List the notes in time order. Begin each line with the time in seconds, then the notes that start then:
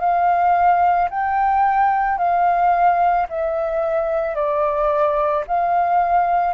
0.00 F5
1.10 G5
2.18 F5
3.29 E5
4.35 D5
5.47 F5